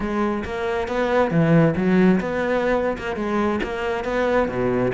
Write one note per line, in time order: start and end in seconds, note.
0.00 0.44 G#3
0.44 0.88 A#3
0.88 1.30 B3
1.30 1.74 E3
1.76 2.20 F#3
2.20 2.97 B3
2.98 3.16 A#3
3.16 3.60 G#3
3.63 4.04 A#3
4.04 4.48 B3
4.48 4.92 B2